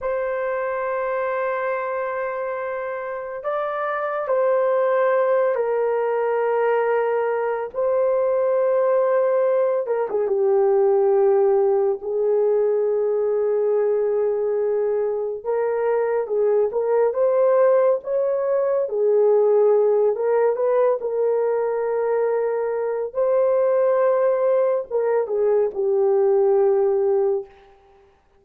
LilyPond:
\new Staff \with { instrumentName = "horn" } { \time 4/4 \tempo 4 = 70 c''1 | d''4 c''4. ais'4.~ | ais'4 c''2~ c''8 ais'16 gis'16 | g'2 gis'2~ |
gis'2 ais'4 gis'8 ais'8 | c''4 cis''4 gis'4. ais'8 | b'8 ais'2~ ais'8 c''4~ | c''4 ais'8 gis'8 g'2 | }